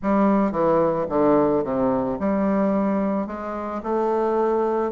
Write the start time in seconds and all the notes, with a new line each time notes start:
0.02 G3
0.51 E3
1.09 D3
1.63 C3
2.19 G3
3.27 G#3
3.83 A3